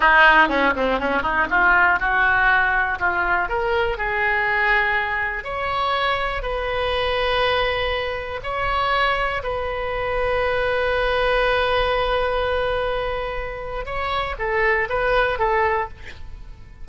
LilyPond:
\new Staff \with { instrumentName = "oboe" } { \time 4/4 \tempo 4 = 121 dis'4 cis'8 c'8 cis'8 dis'8 f'4 | fis'2 f'4 ais'4 | gis'2. cis''4~ | cis''4 b'2.~ |
b'4 cis''2 b'4~ | b'1~ | b'1 | cis''4 a'4 b'4 a'4 | }